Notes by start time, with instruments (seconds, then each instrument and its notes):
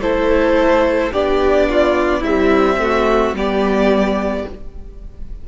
0.00 cello A3, viola E4, violin A4 C5
1.12 cello B3, viola D4, violin G4 D5
1.69 violin F4
2.20 viola G3, cello C4, violin E4 E5
2.79 viola A3, violin F#4
3.33 cello G3, viola B3, violin G4 D5